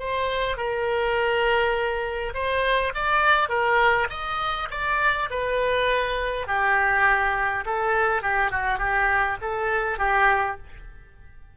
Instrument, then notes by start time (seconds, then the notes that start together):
oboe
0.00 C5
0.57 A#4
2.35 C5
2.95 D5
3.49 A#4
4.10 D#5
4.71 D5
5.31 B4
6.48 G4
7.66 A4
8.23 G4
8.51 F#4
8.79 G4
9.42 A4
9.99 G4